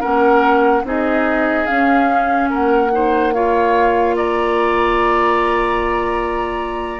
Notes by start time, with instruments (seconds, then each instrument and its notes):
0.00 bassoon A#3, clarinet C#4, oboe A#4, flute F#5
0.84 bassoon C4, clarinet D#4, oboe G#4, flute D#5
1.66 clarinet C#4, bassoon C#4, flute F5
2.50 bassoon A#3, oboe A#4, flute F#5
2.92 clarinet D#4, oboe C5
3.34 clarinet F4, oboe C#5, flute F5
4.16 oboe D5, flute A#5